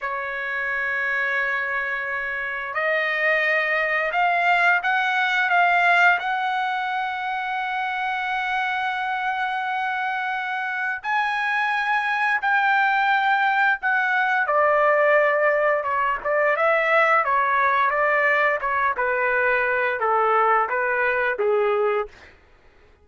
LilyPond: \new Staff \with { instrumentName = "trumpet" } { \time 4/4 \tempo 4 = 87 cis''1 | dis''2 f''4 fis''4 | f''4 fis''2.~ | fis''1 |
gis''2 g''2 | fis''4 d''2 cis''8 d''8 | e''4 cis''4 d''4 cis''8 b'8~ | b'4 a'4 b'4 gis'4 | }